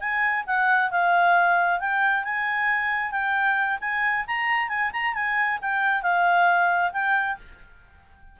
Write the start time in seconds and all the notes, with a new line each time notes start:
0.00 G#5
0.47 F#5
0.91 F5
1.80 G5
2.24 G#5
3.12 G5
3.81 G#5
4.27 A#5
4.69 G#5
4.93 A#5
5.14 G#5
5.62 G5
6.02 F5
6.93 G5